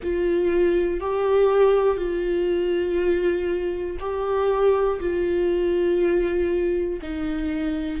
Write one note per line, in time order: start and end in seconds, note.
0.02 1.00 F4
1.00 1.97 G4
1.97 3.97 F4
3.99 4.99 G4
5.00 7.00 F4
7.01 8.00 D#4